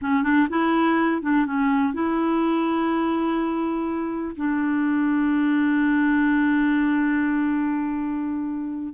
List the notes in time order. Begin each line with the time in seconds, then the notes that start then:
0.01 C#4
0.23 D4
0.49 E4
1.21 D4
1.46 C#4
1.93 E4
4.36 D4